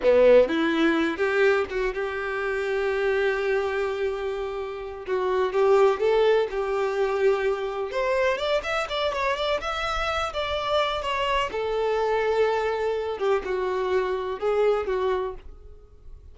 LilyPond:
\new Staff \with { instrumentName = "violin" } { \time 4/4 \tempo 4 = 125 b4 e'4. g'4 fis'8 | g'1~ | g'2~ g'8 fis'4 g'8~ | g'8 a'4 g'2~ g'8~ |
g'8 c''4 d''8 e''8 d''8 cis''8 d''8 | e''4. d''4. cis''4 | a'2.~ a'8 g'8 | fis'2 gis'4 fis'4 | }